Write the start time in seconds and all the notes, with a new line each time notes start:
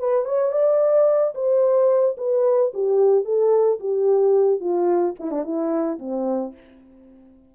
0.00 B4
0.26 C#5
0.52 D5
1.35 C5
2.18 B4
2.74 G4
3.25 A4
3.80 G4
4.60 F4
5.20 E4
5.32 D4
5.44 E4
6.00 C4